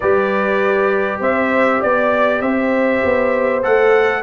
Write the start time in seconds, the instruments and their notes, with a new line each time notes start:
0.00 tuba G3, trombone G4, horn B4, trumpet D5
1.19 tuba C4, horn C5, trumpet E5
1.80 tuba B3, horn D5, trumpet D5
2.41 tuba C4, horn C5, trumpet E5
3.04 tuba B3
3.62 tuba A3, trombone A4, trumpet F#5